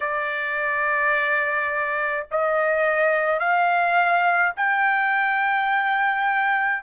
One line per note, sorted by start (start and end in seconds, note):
0.00 2.26 D5
2.31 3.39 D#5
3.39 4.52 F5
4.56 6.82 G5